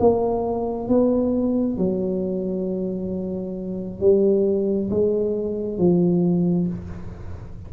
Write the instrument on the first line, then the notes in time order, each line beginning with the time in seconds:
tuba
0.00 A#3
0.88 B3
1.77 F#3
4.00 G3
4.90 G#3
5.78 F3